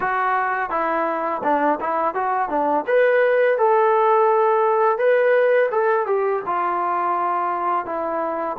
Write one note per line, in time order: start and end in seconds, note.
0.00 0.69 F#4
0.69 1.41 E4
1.43 1.79 D4
1.80 2.14 E4
2.14 2.49 F#4
2.49 2.84 D4
2.86 3.57 B4
3.57 4.98 A4
4.98 5.69 B4
5.71 6.06 A4
6.06 6.42 G4
6.45 7.85 F4
7.85 8.56 E4